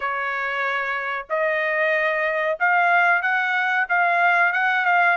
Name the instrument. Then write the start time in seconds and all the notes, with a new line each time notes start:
trumpet
0.00 C#5
1.29 D#5
2.59 F5
3.22 F#5
3.88 F5
4.52 F#5
4.85 F5